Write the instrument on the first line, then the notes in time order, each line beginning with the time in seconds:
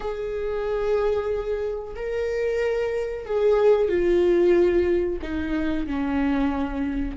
viola
0.00 G#4
1.95 A#4
3.25 G#4
3.88 F4
5.21 D#4
5.86 C#4